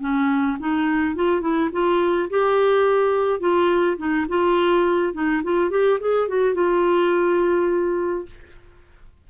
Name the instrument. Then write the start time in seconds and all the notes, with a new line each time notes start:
clarinet
0.00 C#4
0.59 D#4
1.15 F4
1.41 E4
1.72 F4
2.29 G4
3.39 F4
3.97 D#4
4.28 F4
5.13 D#4
5.43 F4
5.70 G4
6.00 G#4
6.28 F#4
6.54 F4